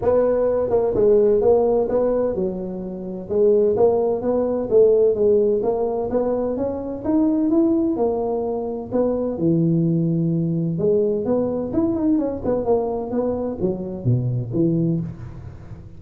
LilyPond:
\new Staff \with { instrumentName = "tuba" } { \time 4/4 \tempo 4 = 128 b4. ais8 gis4 ais4 | b4 fis2 gis4 | ais4 b4 a4 gis4 | ais4 b4 cis'4 dis'4 |
e'4 ais2 b4 | e2. gis4 | b4 e'8 dis'8 cis'8 b8 ais4 | b4 fis4 b,4 e4 | }